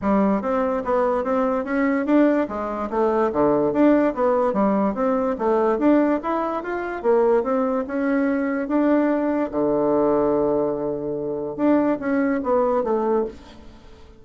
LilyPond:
\new Staff \with { instrumentName = "bassoon" } { \time 4/4 \tempo 4 = 145 g4 c'4 b4 c'4 | cis'4 d'4 gis4 a4 | d4 d'4 b4 g4 | c'4 a4 d'4 e'4 |
f'4 ais4 c'4 cis'4~ | cis'4 d'2 d4~ | d1 | d'4 cis'4 b4 a4 | }